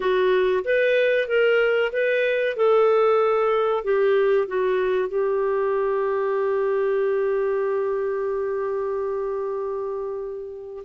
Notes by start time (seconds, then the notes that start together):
0.00 F#4
0.64 B4
1.28 A#4
1.92 B4
2.56 A4
3.84 G4
4.47 F#4
5.08 G4